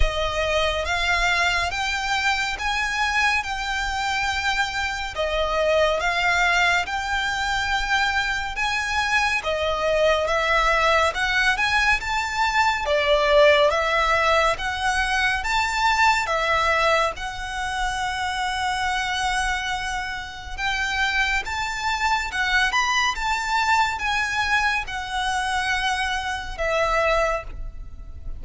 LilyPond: \new Staff \with { instrumentName = "violin" } { \time 4/4 \tempo 4 = 70 dis''4 f''4 g''4 gis''4 | g''2 dis''4 f''4 | g''2 gis''4 dis''4 | e''4 fis''8 gis''8 a''4 d''4 |
e''4 fis''4 a''4 e''4 | fis''1 | g''4 a''4 fis''8 b''8 a''4 | gis''4 fis''2 e''4 | }